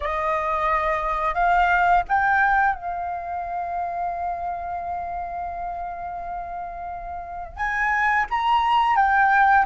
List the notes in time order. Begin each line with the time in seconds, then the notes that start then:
0.00 D#5
1.34 F5
2.08 G5
2.75 F5
7.56 G#5
8.30 A#5
8.96 G5